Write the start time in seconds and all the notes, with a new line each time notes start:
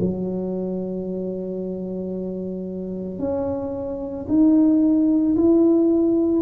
0.00 F#3
3.19 C#4
4.28 D#4
5.36 E4